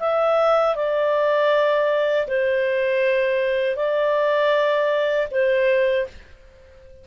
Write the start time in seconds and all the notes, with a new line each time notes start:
0.00 E5
0.76 D5
2.28 C5
3.76 D5
5.31 C5